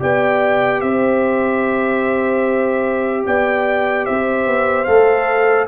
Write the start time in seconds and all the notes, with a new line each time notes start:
0.00 B3 G4 D5 G5
0.81 C4 C5 E5
3.26 B3 D5 G5
4.06 C4 C5 E5
4.47 B3
4.85 A3 A4 F5